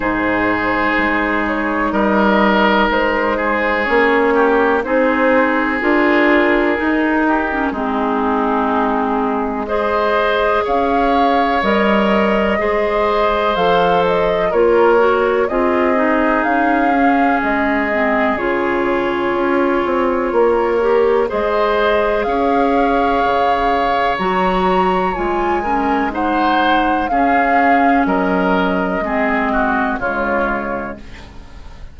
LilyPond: <<
  \new Staff \with { instrumentName = "flute" } { \time 4/4 \tempo 4 = 62 c''4. cis''8 dis''4 c''4 | cis''4 c''4 ais'2 | gis'2 dis''4 f''4 | dis''2 f''8 dis''8 cis''4 |
dis''4 f''4 dis''4 cis''4~ | cis''2 dis''4 f''4~ | f''4 ais''4 gis''4 fis''4 | f''4 dis''2 cis''4 | }
  \new Staff \with { instrumentName = "oboe" } { \time 4/4 gis'2 ais'4. gis'8~ | gis'8 g'8 gis'2~ gis'8 g'8 | dis'2 c''4 cis''4~ | cis''4 c''2 ais'4 |
gis'1~ | gis'4 ais'4 c''4 cis''4~ | cis''2~ cis''8 ais'8 c''4 | gis'4 ais'4 gis'8 fis'8 f'4 | }
  \new Staff \with { instrumentName = "clarinet" } { \time 4/4 dis'1 | cis'4 dis'4 f'4 dis'8. cis'16 | c'2 gis'2 | ais'4 gis'4 a'4 f'8 fis'8 |
f'8 dis'4 cis'4 c'8 f'4~ | f'4. g'8 gis'2~ | gis'4 fis'4 f'8 cis'8 dis'4 | cis'2 c'4 gis4 | }
  \new Staff \with { instrumentName = "bassoon" } { \time 4/4 gis,4 gis4 g4 gis4 | ais4 c'4 d'4 dis'4 | gis2. cis'4 | g4 gis4 f4 ais4 |
c'4 cis'4 gis4 cis4 | cis'8 c'8 ais4 gis4 cis'4 | cis4 fis4 gis2 | cis'4 fis4 gis4 cis4 | }
>>